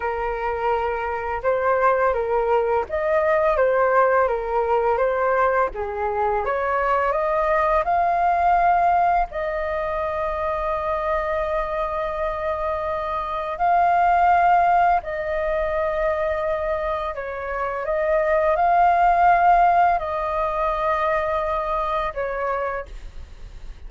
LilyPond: \new Staff \with { instrumentName = "flute" } { \time 4/4 \tempo 4 = 84 ais'2 c''4 ais'4 | dis''4 c''4 ais'4 c''4 | gis'4 cis''4 dis''4 f''4~ | f''4 dis''2.~ |
dis''2. f''4~ | f''4 dis''2. | cis''4 dis''4 f''2 | dis''2. cis''4 | }